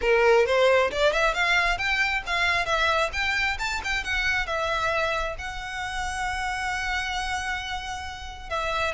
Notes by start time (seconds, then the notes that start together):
0.01 A#4
0.46 C5
0.91 D5
1.12 E5
1.34 F5
1.77 G5
2.26 F5
2.65 E5
3.12 G5
3.58 A5
3.83 G5
4.03 F#5
4.46 E5
5.38 F#5
8.49 E5